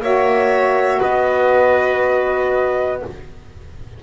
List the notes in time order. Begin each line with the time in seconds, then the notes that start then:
0.00 A#3 F#4 C#5 E5
1.00 B3 B4 D#5